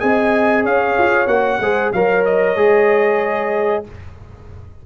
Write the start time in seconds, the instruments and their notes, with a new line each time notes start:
0.00 tuba C4, trombone G#4, horn D#5, trumpet G#5
0.64 tuba C#4, horn C#5, trumpet F5
0.98 tuba F4
1.27 tuba A#3, trombone F#4, trumpet F#5
1.60 tuba G#3, trombone G#4, horn C5
1.93 tuba F#3, trombone A#4, horn C#5, trumpet F5
2.25 trumpet D#5
2.56 tuba G#3, trombone G#4